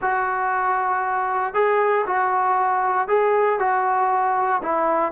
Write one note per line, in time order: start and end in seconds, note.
0.01 1.54 F#4
1.54 2.05 G#4
2.06 3.07 F#4
3.07 3.59 G#4
3.59 4.61 F#4
4.62 5.12 E4